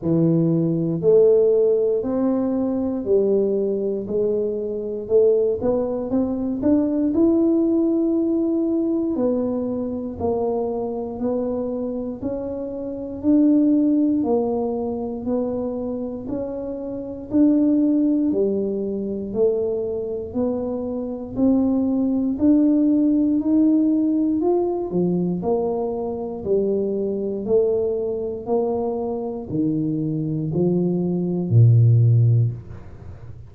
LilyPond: \new Staff \with { instrumentName = "tuba" } { \time 4/4 \tempo 4 = 59 e4 a4 c'4 g4 | gis4 a8 b8 c'8 d'8 e'4~ | e'4 b4 ais4 b4 | cis'4 d'4 ais4 b4 |
cis'4 d'4 g4 a4 | b4 c'4 d'4 dis'4 | f'8 f8 ais4 g4 a4 | ais4 dis4 f4 ais,4 | }